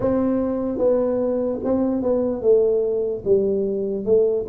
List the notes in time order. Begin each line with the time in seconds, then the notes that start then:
0.00 C4
0.78 B3
1.64 C4
2.02 B3
2.41 A3
3.24 G3
4.05 A3